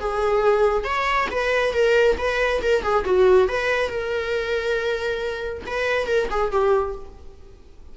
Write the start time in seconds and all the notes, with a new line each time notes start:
0.00 G#4
0.85 C#5
1.31 B4
1.74 A#4
2.19 B4
2.63 A#4
2.83 G#4
3.05 F#4
3.49 B4
3.90 A#4
5.67 B4
6.07 A#4
6.31 G#4
6.52 G4